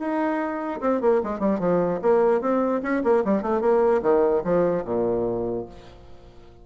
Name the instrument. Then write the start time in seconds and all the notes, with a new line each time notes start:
bassoon
0.00 D#4
0.81 C4
1.02 A#3
1.24 G#3
1.40 G3
1.60 F3
2.02 A#3
2.42 C4
2.83 C#4
3.04 A#3
3.25 G3
3.42 A3
3.61 A#3
4.03 D#3
4.45 F3
4.85 A#2